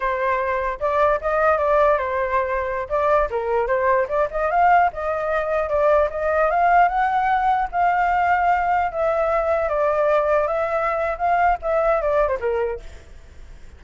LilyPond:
\new Staff \with { instrumentName = "flute" } { \time 4/4 \tempo 4 = 150 c''2 d''4 dis''4 | d''4 c''2~ c''16 d''8.~ | d''16 ais'4 c''4 d''8 dis''8 f''8.~ | f''16 dis''2 d''4 dis''8.~ |
dis''16 f''4 fis''2 f''8.~ | f''2~ f''16 e''4.~ e''16~ | e''16 d''2 e''4.~ e''16 | f''4 e''4 d''8. c''16 ais'4 | }